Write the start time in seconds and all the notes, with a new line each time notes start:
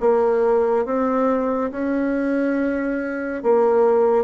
0.00 A#3
0.85 C4
1.71 C#4
3.42 A#3